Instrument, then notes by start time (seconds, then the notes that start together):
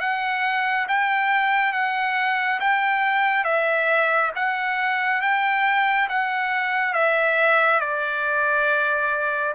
trumpet
0.00 F#5
0.89 G5
1.73 F#5
2.60 G5
3.44 E5
4.36 F#5
5.21 G5
6.09 F#5
6.93 E5
7.80 D5